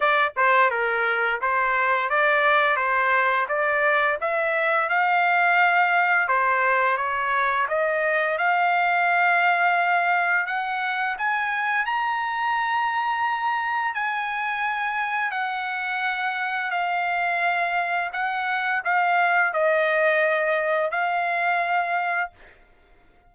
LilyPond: \new Staff \with { instrumentName = "trumpet" } { \time 4/4 \tempo 4 = 86 d''8 c''8 ais'4 c''4 d''4 | c''4 d''4 e''4 f''4~ | f''4 c''4 cis''4 dis''4 | f''2. fis''4 |
gis''4 ais''2. | gis''2 fis''2 | f''2 fis''4 f''4 | dis''2 f''2 | }